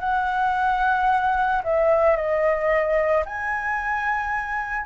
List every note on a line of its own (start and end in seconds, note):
0.00 1.62 F#5
1.64 2.16 E5
2.16 3.24 D#5
3.25 4.86 G#5